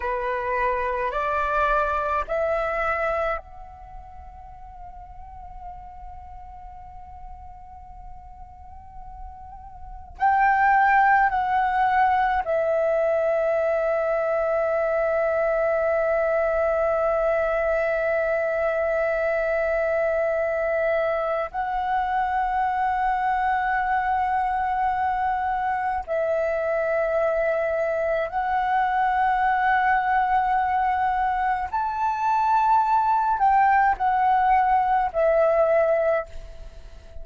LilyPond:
\new Staff \with { instrumentName = "flute" } { \time 4/4 \tempo 4 = 53 b'4 d''4 e''4 fis''4~ | fis''1~ | fis''4 g''4 fis''4 e''4~ | e''1~ |
e''2. fis''4~ | fis''2. e''4~ | e''4 fis''2. | a''4. g''8 fis''4 e''4 | }